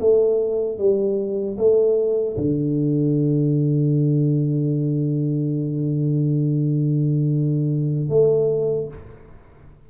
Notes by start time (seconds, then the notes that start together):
0.00 A3
0.79 G3
1.58 A3
2.37 D3
8.09 A3